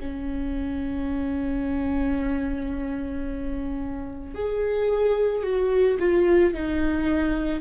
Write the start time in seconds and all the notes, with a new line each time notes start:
0.00 C#4
4.35 G#4
5.43 F#4
6.00 F4
6.55 D#4